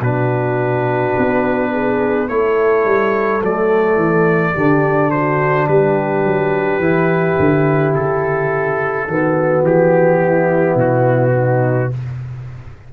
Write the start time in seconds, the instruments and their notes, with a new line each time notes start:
0.00 tuba B2, trombone D4, horn F#4, trumpet B4
1.18 tuba B3
1.72 horn G#4
2.28 tuba A3, trombone E4, horn A4, trumpet C#5
2.85 tuba G3
3.42 tuba F#3, trombone A3, trumpet D5
3.96 tuba E3
4.54 tuba D3, trombone D4, horn G4
5.11 horn F#4, trumpet C5
5.68 tuba G3, horn G4, trumpet B4
6.24 tuba F#3
6.78 tuba E3, trombone E4
7.39 tuba D3
7.94 tuba C#3, trumpet A4
9.07 tuba D#3, trombone B3, horn F#4
9.62 tuba E3, trumpet G4
10.20 horn E4
10.75 tuba B2, trumpet F#4
11.33 horn D#4